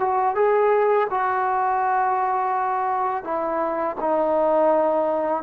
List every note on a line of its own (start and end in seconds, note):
0.00 0.35 F#4
0.35 1.07 G#4
1.10 3.24 F#4
3.24 3.96 E4
4.00 5.43 D#4